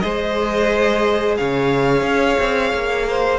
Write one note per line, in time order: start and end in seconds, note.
0.00 1.39 G#3
0.00 3.38 G#4
0.00 1.38 C5
0.00 1.35 D#5
1.37 2.02 C#3
1.37 3.08 C#5
1.37 3.39 F5
2.02 2.36 C#4
2.39 2.73 C4
2.74 3.39 A#3
3.09 3.39 C5